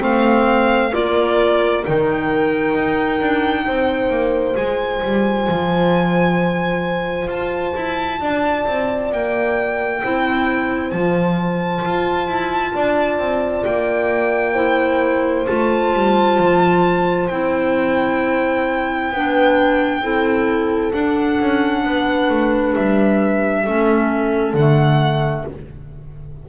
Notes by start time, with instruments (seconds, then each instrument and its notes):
0.00 double bass A3, clarinet C4, horn C5, violin F5
0.93 double bass A#3, clarinet F4, horn A#4, violin D5
1.85 double bass D#3, clarinet D#4, violin G5
2.75 double bass D#4
3.21 double bass D4
3.66 double bass C4, horn C5
4.10 double bass A#3
4.55 double bass G#3, clarinet F4, violin G#5
5.03 double bass G3
5.49 double bass F3
7.28 double bass F4, violin A5
7.76 double bass E4
8.21 double bass D4, horn D5
8.67 double bass C4
9.12 double bass A#3, violin G5
10.03 double bass C4, clarinet E4, horn C5
10.91 double bass F3, clarinet F4, violin A5
11.85 double bass F4
12.28 double bass E4
12.74 double bass D4, horn D5
13.19 double bass C4
13.65 double bass A#3, violin G5
14.54 clarinet E4, horn C5
15.47 double bass A3, clarinet F4, violin A5
15.94 double bass G3
16.38 double bass F3
17.29 double bass C4, clarinet E4, violin G5
19.12 double bass B3, clarinet D4, horn B4
20.01 double bass C4, clarinet E4, horn A4
20.93 clarinet D4, double bass D4, violin F#5
21.40 double bass C#4
21.84 double bass B3, horn B4
22.29 double bass A3
22.75 double bass G3, violin E5
23.64 double bass A3, clarinet C#4, horn A4
24.54 double bass D3, clarinet A3, violin F#5